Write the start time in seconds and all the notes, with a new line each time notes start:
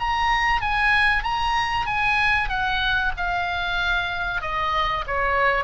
0.00 A#5
0.62 G#5
1.23 A#5
1.86 G#5
2.49 F#5
3.17 F5
4.42 D#5
5.07 C#5